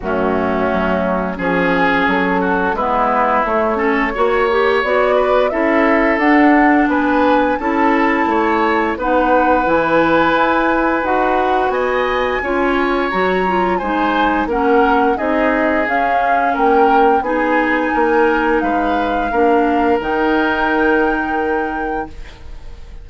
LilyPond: <<
  \new Staff \with { instrumentName = "flute" } { \time 4/4 \tempo 4 = 87 fis'2 gis'4 a'4 | b'4 cis''2 d''4 | e''4 fis''4 gis''4 a''4~ | a''4 fis''4 gis''2 |
fis''4 gis''2 ais''4 | gis''4 fis''4 dis''4 f''4 | g''4 gis''2 f''4~ | f''4 g''2. | }
  \new Staff \with { instrumentName = "oboe" } { \time 4/4 cis'2 gis'4. fis'8 | e'4. a'8 cis''4. b'8 | a'2 b'4 a'4 | cis''4 b'2.~ |
b'4 dis''4 cis''2 | c''4 ais'4 gis'2 | ais'4 gis'4 ais'4 b'4 | ais'1 | }
  \new Staff \with { instrumentName = "clarinet" } { \time 4/4 a2 cis'2 | b4 a8 cis'8 fis'8 g'8 fis'4 | e'4 d'2 e'4~ | e'4 dis'4 e'2 |
fis'2 f'4 fis'8 f'8 | dis'4 cis'4 dis'4 cis'4~ | cis'4 dis'2. | d'4 dis'2. | }
  \new Staff \with { instrumentName = "bassoon" } { \time 4/4 fis,4 fis4 f4 fis4 | gis4 a4 ais4 b4 | cis'4 d'4 b4 cis'4 | a4 b4 e4 e'4 |
dis'4 b4 cis'4 fis4 | gis4 ais4 c'4 cis'4 | ais4 b4 ais4 gis4 | ais4 dis2. | }
>>